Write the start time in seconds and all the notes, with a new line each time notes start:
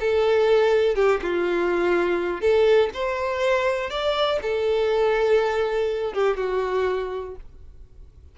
0.00 A4
0.95 G4
1.22 F4
2.41 A4
2.94 C5
3.90 D5
4.42 A4
6.13 G4
6.37 F#4